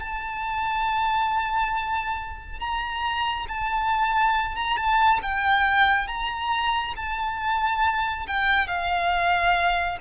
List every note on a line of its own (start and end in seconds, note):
0.00 2.60 A5
2.60 3.47 A#5
3.48 4.56 A5
4.56 4.77 A#5
4.77 5.20 A5
5.23 6.08 G5
6.08 6.95 A#5
6.96 8.27 A5
8.28 8.68 G5
8.68 9.98 F5